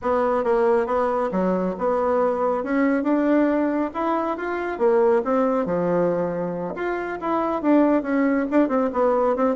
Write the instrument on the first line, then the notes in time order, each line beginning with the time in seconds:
bassoon
0.02 B3
0.44 A#3
0.86 B3
1.31 F#3
1.78 B3
2.63 C#4
3.03 D4
3.93 E4
4.37 F4
4.78 A#3
5.24 C4
5.65 F3
6.75 F4
7.20 E4
7.61 D4
8.02 C#4
8.50 D4
8.68 C4
8.92 B3
9.36 C4